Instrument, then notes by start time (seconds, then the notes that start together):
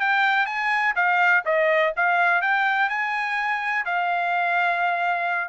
trumpet
0.00 G5
0.46 G#5
0.96 F5
1.46 D#5
1.97 F5
2.42 G5
2.89 G#5
3.86 F5